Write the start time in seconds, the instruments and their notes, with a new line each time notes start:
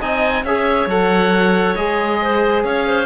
0.00 cello C4, trombone D#4, clarinet D#5, oboe G#5
0.44 cello C#4, trombone G#4, clarinet C#5, oboe E5
0.87 cello F#3, trombone A4, oboe F#5
1.75 cello G#3, trombone G#4, oboe D#5
2.22 clarinet C5
2.64 cello C#4, clarinet C#5, oboe F5
2.87 clarinet C5